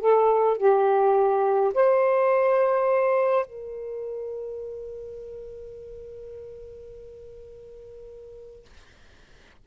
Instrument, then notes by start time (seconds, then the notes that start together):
saxophone
0.00 A4
0.57 G4
1.74 C5
3.46 A#4